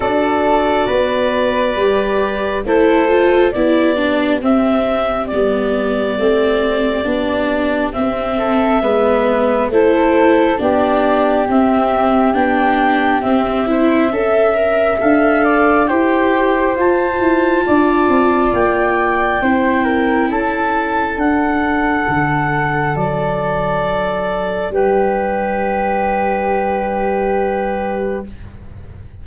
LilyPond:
<<
  \new Staff \with { instrumentName = "clarinet" } { \time 4/4 \tempo 4 = 68 d''2. c''4 | d''4 e''4 d''2~ | d''4 e''2 c''4 | d''4 e''4 g''4 e''4~ |
e''4 f''4 g''4 a''4~ | a''4 g''2 a''4 | fis''2 d''2 | b'1 | }
  \new Staff \with { instrumentName = "flute" } { \time 4/4 a'4 b'2 a'4 | g'1~ | g'4. a'8 b'4 a'4 | g'2.~ g'8 c''8 |
e''4. d''8 c''2 | d''2 c''8 ais'8 a'4~ | a'1 | g'1 | }
  \new Staff \with { instrumentName = "viola" } { \time 4/4 fis'2 g'4 e'8 f'8 | e'8 d'8 c'4 b4 c'4 | d'4 c'4 b4 e'4 | d'4 c'4 d'4 c'8 e'8 |
a'8 ais'8 a'4 g'4 f'4~ | f'2 e'2 | d'1~ | d'1 | }
  \new Staff \with { instrumentName = "tuba" } { \time 4/4 d'4 b4 g4 a4 | b4 c'4 g4 a4 | b4 c'4 gis4 a4 | b4 c'4 b4 c'4 |
cis'4 d'4 e'4 f'8 e'8 | d'8 c'8 ais4 c'4 cis'4 | d'4 d4 fis2 | g1 | }
>>